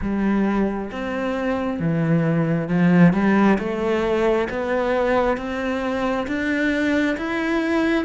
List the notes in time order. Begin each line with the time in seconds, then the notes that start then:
0.01 G3
0.91 C4
1.79 E3
2.68 F3
3.13 G3
3.58 A3
4.49 B3
5.37 C4
6.27 D4
7.16 E4